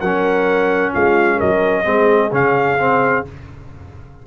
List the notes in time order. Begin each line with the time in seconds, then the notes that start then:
0.00 F#3 C#4 A#4 F#5
0.93 G#3 F4 F5
1.37 F#3 A#4 D#5
1.84 G#3 C4 G#4
2.32 C#3 C#4 F5
2.79 C4